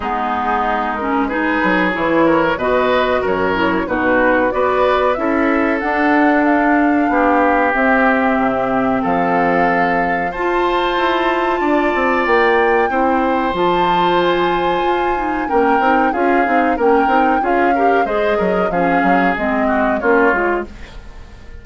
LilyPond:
<<
  \new Staff \with { instrumentName = "flute" } { \time 4/4 \tempo 4 = 93 gis'4. ais'8 b'4 cis''4 | dis''4 cis''4 b'4 d''4 | e''4 fis''4 f''2 | e''2 f''2 |
a''2. g''4~ | g''4 a''4 gis''2 | g''4 f''4 g''4 f''4 | dis''4 f''4 dis''4 cis''4 | }
  \new Staff \with { instrumentName = "oboe" } { \time 4/4 dis'2 gis'4. ais'8 | b'4 ais'4 fis'4 b'4 | a'2. g'4~ | g'2 a'2 |
c''2 d''2 | c''1 | ais'4 gis'4 ais'4 gis'8 ais'8 | c''8 ais'8 gis'4. fis'8 f'4 | }
  \new Staff \with { instrumentName = "clarinet" } { \time 4/4 b4. cis'8 dis'4 e'4 | fis'4. e'8 dis'4 fis'4 | e'4 d'2. | c'1 |
f'1 | e'4 f'2~ f'8 dis'8 | cis'8 dis'8 f'8 dis'8 cis'8 dis'8 f'8 g'8 | gis'4 cis'4 c'4 cis'8 f'8 | }
  \new Staff \with { instrumentName = "bassoon" } { \time 4/4 gis2~ gis8 fis8 e4 | b,4 fis,4 b,4 b4 | cis'4 d'2 b4 | c'4 c4 f2 |
f'4 e'4 d'8 c'8 ais4 | c'4 f2 f'4 | ais8 c'8 cis'8 c'8 ais8 c'8 cis'4 | gis8 fis8 f8 fis8 gis4 ais8 gis8 | }
>>